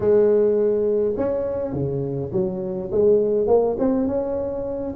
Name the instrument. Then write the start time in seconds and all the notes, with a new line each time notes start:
tuba
0.00 G#3
1.17 C#4
1.73 C#3
2.32 F#3
2.91 G#3
3.47 A#3
3.78 C4
4.07 C#4